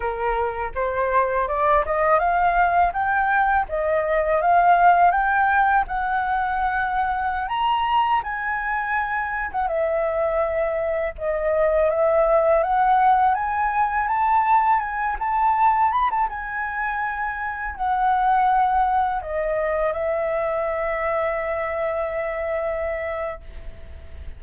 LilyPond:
\new Staff \with { instrumentName = "flute" } { \time 4/4 \tempo 4 = 82 ais'4 c''4 d''8 dis''8 f''4 | g''4 dis''4 f''4 g''4 | fis''2~ fis''16 ais''4 gis''8.~ | gis''4 fis''16 e''2 dis''8.~ |
dis''16 e''4 fis''4 gis''4 a''8.~ | a''16 gis''8 a''4 b''16 a''16 gis''4.~ gis''16~ | gis''16 fis''2 dis''4 e''8.~ | e''1 | }